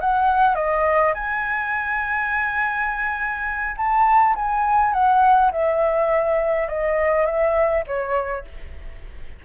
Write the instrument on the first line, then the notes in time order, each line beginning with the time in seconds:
flute
0.00 F#5
0.55 D#5
1.14 G#5
3.77 A5
4.35 G#5
4.93 F#5
5.52 E5
6.68 D#5
7.26 E5
7.87 C#5